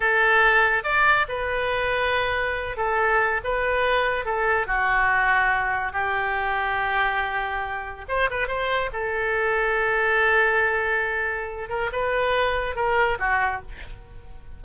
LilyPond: \new Staff \with { instrumentName = "oboe" } { \time 4/4 \tempo 4 = 141 a'2 d''4 b'4~ | b'2~ b'8 a'4. | b'2 a'4 fis'4~ | fis'2 g'2~ |
g'2. c''8 b'8 | c''4 a'2.~ | a'2.~ a'8 ais'8 | b'2 ais'4 fis'4 | }